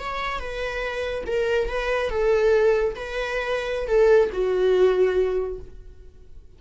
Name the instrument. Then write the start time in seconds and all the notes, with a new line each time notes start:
viola
0.00 C#5
0.40 B4
1.27 A#4
1.69 B4
2.10 A4
2.95 B4
3.88 A4
4.33 F#4